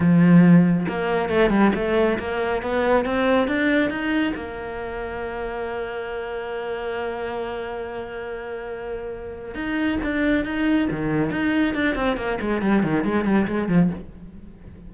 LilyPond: \new Staff \with { instrumentName = "cello" } { \time 4/4 \tempo 4 = 138 f2 ais4 a8 g8 | a4 ais4 b4 c'4 | d'4 dis'4 ais2~ | ais1~ |
ais1~ | ais2 dis'4 d'4 | dis'4 dis4 dis'4 d'8 c'8 | ais8 gis8 g8 dis8 gis8 g8 gis8 f8 | }